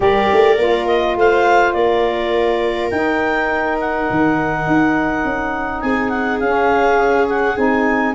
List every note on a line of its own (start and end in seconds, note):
0.00 0.27 G3
0.00 0.56 G4
0.00 1.17 A#4
0.00 0.87 D5
0.32 0.57 A3
0.57 1.15 A#3
0.57 2.91 F4
0.87 1.16 D#5
1.15 1.74 A3
1.15 1.76 C5
1.15 1.73 F5
1.73 2.90 A#3
1.73 5.82 A#4
1.73 2.89 D5
2.90 4.08 D#4
2.90 6.42 D#4
2.90 3.77 G5
3.80 5.81 F#5
4.10 4.66 D#3
4.66 5.24 D#4
5.24 5.82 C#4
5.81 6.40 C4
5.81 8.15 G#4
5.81 6.09 G#5
6.09 6.38 F#5
6.39 7.56 C#4
6.39 7.27 F5
7.28 7.57 F#5
7.56 8.15 C4
7.56 8.14 D#4
7.56 8.15 G#5